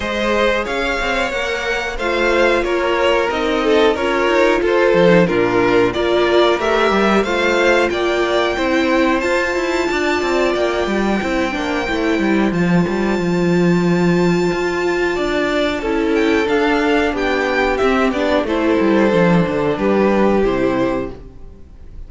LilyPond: <<
  \new Staff \with { instrumentName = "violin" } { \time 4/4 \tempo 4 = 91 dis''4 f''4 fis''4 f''4 | cis''4 dis''4 cis''4 c''4 | ais'4 d''4 e''4 f''4 | g''2 a''2 |
g''2. a''4~ | a''1~ | a''8 g''8 f''4 g''4 e''8 d''8 | c''2 b'4 c''4 | }
  \new Staff \with { instrumentName = "violin" } { \time 4/4 c''4 cis''2 c''4 | ais'4. a'8 ais'4 a'4 | f'4 ais'2 c''4 | d''4 c''2 d''4~ |
d''4 c''2.~ | c''2. d''4 | a'2 g'2 | a'2 g'2 | }
  \new Staff \with { instrumentName = "viola" } { \time 4/4 gis'2 ais'4 f'4~ | f'4 dis'4 f'4.~ f'16 dis'16 | d'4 f'4 g'4 f'4~ | f'4 e'4 f'2~ |
f'4 e'8 d'8 e'4 f'4~ | f'1 | e'4 d'2 c'8 d'8 | e'4 d'2 e'4 | }
  \new Staff \with { instrumentName = "cello" } { \time 4/4 gis4 cis'8 c'8 ais4 a4 | ais4 c'4 cis'8 dis'8 f'8 f8 | ais,4 ais4 a8 g8 a4 | ais4 c'4 f'8 e'8 d'8 c'8 |
ais8 g8 c'8 ais8 a8 g8 f8 g8 | f2 f'4 d'4 | cis'4 d'4 b4 c'8 b8 | a8 g8 f8 d8 g4 c4 | }
>>